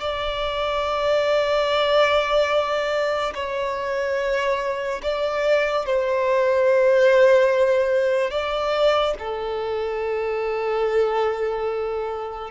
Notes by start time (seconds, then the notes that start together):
0.00 D5
3.34 C#5
5.02 D5
5.86 C5
8.30 D5
9.19 A4